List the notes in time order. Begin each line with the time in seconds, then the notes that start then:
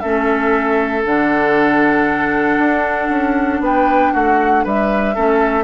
0.00 A3 C#4 A4 E5
1.04 D3 D4 F#5
2.58 D4
3.10 C#4
3.61 B3 B4 G5
4.13 A3 F#4 F#5
4.64 G3 B4 E5
5.15 A3 C#4 A4